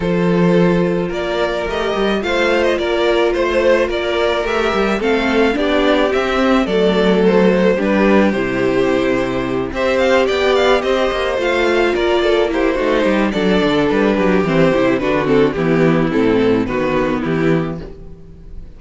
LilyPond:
<<
  \new Staff \with { instrumentName = "violin" } { \time 4/4 \tempo 4 = 108 c''2 d''4 dis''4 | f''8. dis''16 d''4 c''4 d''4 | e''4 f''4 d''4 e''4 | d''4 c''4 b'4 c''4~ |
c''4. e''8 f''8 g''8 f''8 dis''8~ | dis''8 f''4 d''4 c''4. | d''4 b'4 c''4 b'8 a'8 | g'4 a'4 b'4 g'4 | }
  \new Staff \with { instrumentName = "violin" } { \time 4/4 a'2 ais'2 | c''4 ais'4 c''4 ais'4~ | ais'4 a'4 g'2 | a'2 g'2~ |
g'4. c''4 d''4 c''8~ | c''4. ais'8 a'8 g'8 fis'8 g'8 | a'4. g'4. fis'4 | e'2 fis'4 e'4 | }
  \new Staff \with { instrumentName = "viola" } { \time 4/4 f'2. g'4 | f'1 | g'4 c'4 d'4 c'4 | a2 d'4 e'4~ |
e'4. g'2~ g'8~ | g'8 f'2 e'8 dis'4 | d'2 c'8 e'8 d'8 c'8 | b4 c'4 b2 | }
  \new Staff \with { instrumentName = "cello" } { \time 4/4 f2 ais4 a8 g8 | a4 ais4 a4 ais4 | a8 g8 a4 b4 c'4 | fis2 g4 c4~ |
c4. c'4 b4 c'8 | ais8 a4 ais4. a8 g8 | fis8 d8 g8 fis8 e8 c8 d4 | e4 a,4 dis4 e4 | }
>>